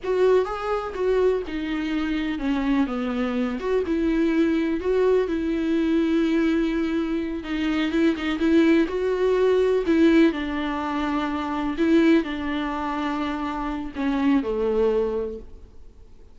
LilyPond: \new Staff \with { instrumentName = "viola" } { \time 4/4 \tempo 4 = 125 fis'4 gis'4 fis'4 dis'4~ | dis'4 cis'4 b4. fis'8 | e'2 fis'4 e'4~ | e'2.~ e'8 dis'8~ |
dis'8 e'8 dis'8 e'4 fis'4.~ | fis'8 e'4 d'2~ d'8~ | d'8 e'4 d'2~ d'8~ | d'4 cis'4 a2 | }